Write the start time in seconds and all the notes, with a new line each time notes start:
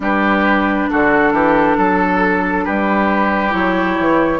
0.00 G3 D4 G4 B4
0.90 D3 F#4 A4
1.32 E3 G4
1.77 F#3 A4
2.64 G3 G4 B4
3.50 F#3 E4 C#5
3.98 E3